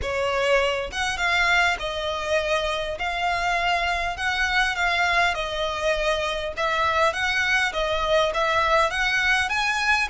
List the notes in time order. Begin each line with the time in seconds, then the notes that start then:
0.01 C#5
0.92 F#5
1.17 F5
1.79 D#5
2.98 F5
4.17 F#5
4.75 F5
5.34 D#5
6.56 E5
7.13 F#5
7.72 D#5
8.34 E5
8.90 F#5
9.49 G#5